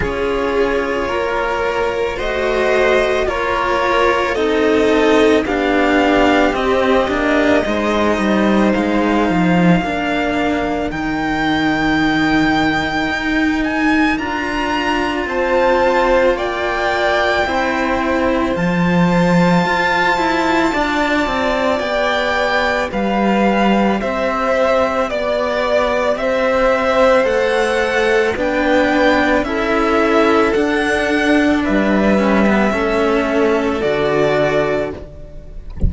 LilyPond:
<<
  \new Staff \with { instrumentName = "violin" } { \time 4/4 \tempo 4 = 55 cis''2 dis''4 cis''4 | dis''4 f''4 dis''2 | f''2 g''2~ | g''8 gis''8 ais''4 a''4 g''4~ |
g''4 a''2. | g''4 f''4 e''4 d''4 | e''4 fis''4 g''4 e''4 | fis''4 e''2 d''4 | }
  \new Staff \with { instrumentName = "violin" } { \time 4/4 gis'4 ais'4 c''4 ais'4 | a'4 g'2 c''4~ | c''4 ais'2.~ | ais'2 c''4 d''4 |
c''2. d''4~ | d''4 b'4 c''4 d''4 | c''2 b'4 a'4~ | a'4 b'4 a'2 | }
  \new Staff \with { instrumentName = "cello" } { \time 4/4 f'2 fis'4 f'4 | dis'4 d'4 c'8 d'8 dis'4~ | dis'4 d'4 dis'2~ | dis'4 f'2. |
e'4 f'2. | g'1~ | g'4 a'4 d'4 e'4 | d'4. cis'16 b16 cis'4 fis'4 | }
  \new Staff \with { instrumentName = "cello" } { \time 4/4 cis'4 ais4 a4 ais4 | c'4 b4 c'8 ais8 gis8 g8 | gis8 f8 ais4 dis2 | dis'4 d'4 c'4 ais4 |
c'4 f4 f'8 e'8 d'8 c'8 | b4 g4 c'4 b4 | c'4 a4 b4 cis'4 | d'4 g4 a4 d4 | }
>>